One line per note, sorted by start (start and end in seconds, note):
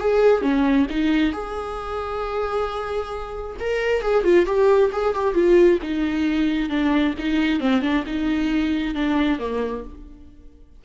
0.00 0.42 G#4
0.42 0.87 C#4
0.90 1.33 D#4
1.33 3.57 G#4
3.60 4.02 A#4
4.02 4.24 G#4
4.24 4.46 F4
4.46 4.91 G4
4.93 5.15 G#4
5.15 5.35 G4
5.35 5.79 F4
5.82 6.70 D#4
6.70 7.15 D4
7.19 7.61 D#4
7.61 7.82 C4
7.82 8.05 D4
8.07 8.95 D#4
8.95 9.40 D4
9.40 9.84 A#3